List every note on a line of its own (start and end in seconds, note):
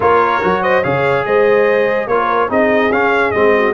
0.00 0.41 A#3
0.00 0.41 F4
0.00 0.61 A#4
0.00 0.62 C#5
0.41 0.84 F#3
0.41 0.83 F#4
0.61 0.82 C5
0.61 0.83 D#5
0.82 1.25 C#3
0.82 2.08 G#4
0.82 1.24 C#5
0.82 1.25 F5
1.25 2.07 G#3
1.25 2.09 C5
1.25 2.07 D#5
2.07 2.48 A#3
2.07 2.49 F4
2.07 2.48 A#4
2.07 2.49 C#5
2.48 2.90 C4
2.48 2.90 D#4
2.48 3.52 G#4
2.48 2.91 D#5
2.90 3.31 C#4
2.90 3.33 C#4
2.90 3.31 F5
3.31 3.73 G#3
3.31 3.73 C4
3.31 3.73 D#5
3.56 3.73 F#4